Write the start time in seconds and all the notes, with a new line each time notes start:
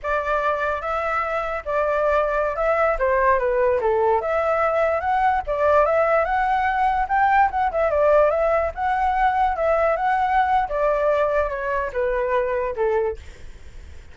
0.03 D5
0.81 E5
1.65 D5
2.56 E5
2.99 C5
3.38 B4
3.81 A4
4.21 E5
5.00 F#5
5.47 D5
5.85 E5
6.24 F#5
7.08 G5
7.50 F#5
7.71 E5
7.90 D5
8.30 E5
8.74 F#5
9.56 E5
9.96 F#5
10.68 D5
11.49 C#5
11.92 B4
12.75 A4